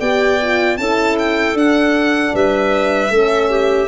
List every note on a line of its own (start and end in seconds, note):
0.00 0.78 B3
0.00 0.41 G4
0.00 0.78 D5
0.00 0.77 G5
0.41 0.79 F4
0.77 1.54 C#4
0.77 1.56 E4
0.77 2.34 A4
0.77 1.16 A5
1.19 1.58 G5
1.54 2.32 D4
1.54 3.11 D4
1.54 2.36 F#5
2.34 3.10 G3
2.34 3.12 B4
2.34 3.88 E5
3.10 3.88 A3
3.10 3.88 C#4
3.10 3.50 A4
3.50 3.88 G4